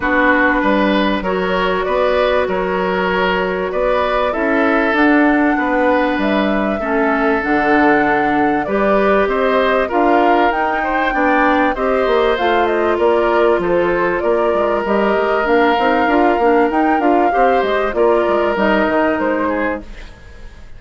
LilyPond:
<<
  \new Staff \with { instrumentName = "flute" } { \time 4/4 \tempo 4 = 97 b'2 cis''4 d''4 | cis''2 d''4 e''4 | fis''2 e''2 | fis''2 d''4 dis''4 |
f''4 g''2 dis''4 | f''8 dis''8 d''4 c''4 d''4 | dis''4 f''2 g''8 f''8~ | f''8 dis''8 d''4 dis''4 c''4 | }
  \new Staff \with { instrumentName = "oboe" } { \time 4/4 fis'4 b'4 ais'4 b'4 | ais'2 b'4 a'4~ | a'4 b'2 a'4~ | a'2 b'4 c''4 |
ais'4. c''8 d''4 c''4~ | c''4 ais'4 a'4 ais'4~ | ais'1 | c''4 ais'2~ ais'8 gis'8 | }
  \new Staff \with { instrumentName = "clarinet" } { \time 4/4 d'2 fis'2~ | fis'2. e'4 | d'2. cis'4 | d'2 g'2 |
f'4 dis'4 d'4 g'4 | f'1 | g'4 d'8 dis'8 f'8 d'8 dis'8 f'8 | g'4 f'4 dis'2 | }
  \new Staff \with { instrumentName = "bassoon" } { \time 4/4 b4 g4 fis4 b4 | fis2 b4 cis'4 | d'4 b4 g4 a4 | d2 g4 c'4 |
d'4 dis'4 b4 c'8 ais8 | a4 ais4 f4 ais8 gis8 | g8 gis8 ais8 c'8 d'8 ais8 dis'8 d'8 | c'8 gis8 ais8 gis8 g8 dis8 gis4 | }
>>